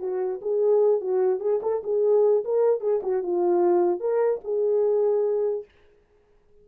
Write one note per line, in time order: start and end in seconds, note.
0.00 0.40 F#4
0.42 1.01 G#4
1.01 1.41 F#4
1.41 1.61 G#4
1.63 1.83 A4
1.84 2.44 G#4
2.45 2.81 A#4
2.81 3.01 G#4
3.03 3.23 F#4
3.23 4.00 F4
4.00 4.41 A#4
4.45 5.65 G#4